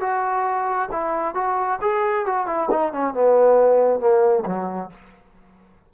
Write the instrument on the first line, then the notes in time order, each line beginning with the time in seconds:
trombone
0.00 F#4
0.91 E4
1.35 F#4
1.81 G#4
2.26 F#4
2.46 E4
2.70 D#4
2.92 C#4
3.14 B3
3.99 A#3
4.45 F#3